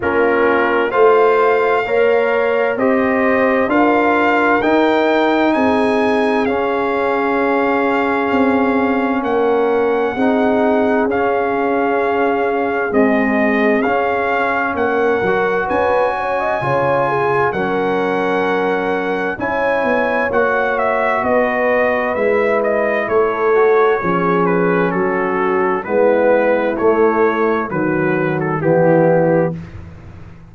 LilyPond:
<<
  \new Staff \with { instrumentName = "trumpet" } { \time 4/4 \tempo 4 = 65 ais'4 f''2 dis''4 | f''4 g''4 gis''4 f''4~ | f''2 fis''2 | f''2 dis''4 f''4 |
fis''4 gis''2 fis''4~ | fis''4 gis''4 fis''8 e''8 dis''4 | e''8 dis''8 cis''4. b'8 a'4 | b'4 cis''4 b'8. a'16 g'4 | }
  \new Staff \with { instrumentName = "horn" } { \time 4/4 f'4 c''4 cis''4 c''4 | ais'2 gis'2~ | gis'2 ais'4 gis'4~ | gis'1 |
ais'4 b'8 cis''16 dis''16 cis''8 gis'8 ais'4~ | ais'4 cis''2 b'4~ | b'4 a'4 gis'4 fis'4 | e'2 fis'4 e'4 | }
  \new Staff \with { instrumentName = "trombone" } { \time 4/4 cis'4 f'4 ais'4 g'4 | f'4 dis'2 cis'4~ | cis'2. dis'4 | cis'2 gis4 cis'4~ |
cis'8 fis'4. f'4 cis'4~ | cis'4 e'4 fis'2 | e'4. fis'8 cis'2 | b4 a4 fis4 b4 | }
  \new Staff \with { instrumentName = "tuba" } { \time 4/4 ais4 a4 ais4 c'4 | d'4 dis'4 c'4 cis'4~ | cis'4 c'4 ais4 c'4 | cis'2 c'4 cis'4 |
ais8 fis8 cis'4 cis4 fis4~ | fis4 cis'8 b8 ais4 b4 | gis4 a4 f4 fis4 | gis4 a4 dis4 e4 | }
>>